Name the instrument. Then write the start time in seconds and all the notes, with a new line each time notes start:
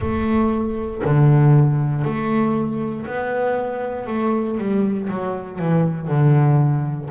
double bass
0.00 A3
1.04 D3
2.04 A3
3.06 B3
4.07 A3
4.58 G3
5.09 F#3
5.58 E3
6.07 D3